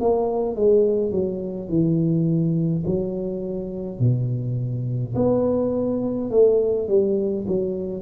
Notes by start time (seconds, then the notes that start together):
0.00 A#3
0.55 G#3
1.11 F#3
1.68 E3
2.86 F#3
3.99 B2
5.15 B3
6.30 A3
6.88 G3
7.47 F#3